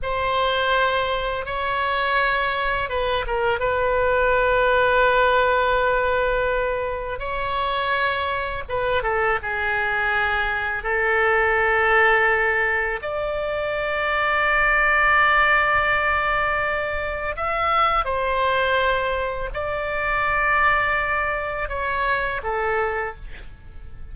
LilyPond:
\new Staff \with { instrumentName = "oboe" } { \time 4/4 \tempo 4 = 83 c''2 cis''2 | b'8 ais'8 b'2.~ | b'2 cis''2 | b'8 a'8 gis'2 a'4~ |
a'2 d''2~ | d''1 | e''4 c''2 d''4~ | d''2 cis''4 a'4 | }